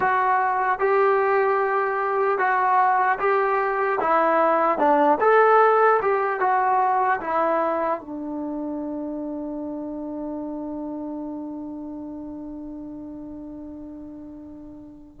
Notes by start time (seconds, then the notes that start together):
0.00 F#4
0.79 G4
2.38 F#4
3.19 G4
4.00 E4
4.78 D4
5.20 A4
6.02 G4
6.40 F#4
7.20 E4
8.00 D4